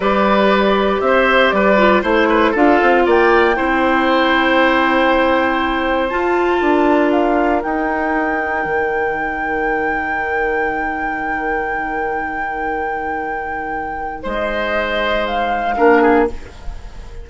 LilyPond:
<<
  \new Staff \with { instrumentName = "flute" } { \time 4/4 \tempo 4 = 118 d''2 e''4 d''4 | c''4 f''4 g''2~ | g''1 | a''2 f''4 g''4~ |
g''1~ | g''1~ | g''1 | dis''2 f''2 | }
  \new Staff \with { instrumentName = "oboe" } { \time 4/4 b'2 c''4 b'4 | c''8 b'8 a'4 d''4 c''4~ | c''1~ | c''4 ais'2.~ |
ais'1~ | ais'1~ | ais'1 | c''2. ais'8 gis'8 | }
  \new Staff \with { instrumentName = "clarinet" } { \time 4/4 g'2.~ g'8 f'8 | e'4 f'2 e'4~ | e'1 | f'2. dis'4~ |
dis'1~ | dis'1~ | dis'1~ | dis'2. d'4 | }
  \new Staff \with { instrumentName = "bassoon" } { \time 4/4 g2 c'4 g4 | a4 d'8 c'8 ais4 c'4~ | c'1 | f'4 d'2 dis'4~ |
dis'4 dis2.~ | dis1~ | dis1 | gis2. ais4 | }
>>